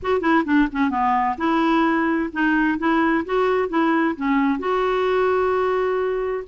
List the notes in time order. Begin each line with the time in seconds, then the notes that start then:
0.02 F#4
0.21 E4
0.45 D4
0.72 C#4
0.90 B3
1.37 E4
2.32 D#4
2.78 E4
3.25 F#4
3.69 E4
4.16 C#4
4.59 F#4